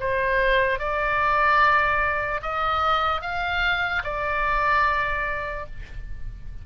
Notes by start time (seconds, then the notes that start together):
0.00 C5
0.79 D5
2.42 D#5
3.22 F5
4.04 D5